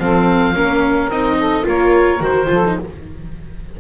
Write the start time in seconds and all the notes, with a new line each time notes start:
0.00 F3 C4 A4 F5
0.54 A#3 C#4 A#4
1.09 C4 D#4 D#5
1.39 A4
1.63 A#3 F4 A#4 C#5
2.20 D#3 F#4 C5
2.46 F3 F4
2.52 A4
2.65 D#4